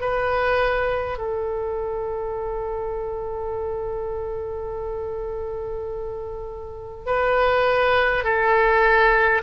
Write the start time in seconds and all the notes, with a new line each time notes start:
0.00 B4
1.18 A4
7.06 B4
8.24 A4